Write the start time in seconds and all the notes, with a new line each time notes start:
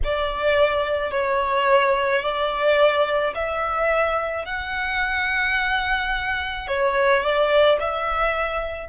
0.04 D5
1.11 C#5
2.22 D5
3.34 E5
4.45 F#5
6.67 C#5
7.23 D5
7.80 E5